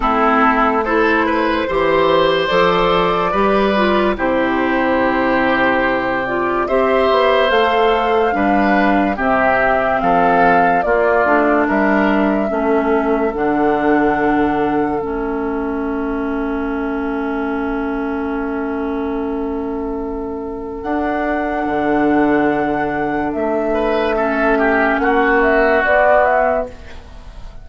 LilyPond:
<<
  \new Staff \with { instrumentName = "flute" } { \time 4/4 \tempo 4 = 72 a'4 c''2 d''4~ | d''4 c''2~ c''8 d''8 | e''4 f''2 e''4 | f''4 d''4 e''2 |
fis''2 e''2~ | e''1~ | e''4 fis''2. | e''2 fis''8 e''8 d''8 e''8 | }
  \new Staff \with { instrumentName = "oboe" } { \time 4/4 e'4 a'8 b'8 c''2 | b'4 g'2. | c''2 b'4 g'4 | a'4 f'4 ais'4 a'4~ |
a'1~ | a'1~ | a'1~ | a'8 b'8 a'8 g'8 fis'2 | }
  \new Staff \with { instrumentName = "clarinet" } { \time 4/4 c'4 e'4 g'4 a'4 | g'8 f'8 e'2~ e'8 f'8 | g'4 a'4 d'4 c'4~ | c'4 ais8 d'4. cis'4 |
d'2 cis'2~ | cis'1~ | cis'4 d'2.~ | d'4 cis'2 b4 | }
  \new Staff \with { instrumentName = "bassoon" } { \time 4/4 a2 e4 f4 | g4 c2. | c'8 b8 a4 g4 c4 | f4 ais8 a8 g4 a4 |
d2 a2~ | a1~ | a4 d'4 d2 | a2 ais4 b4 | }
>>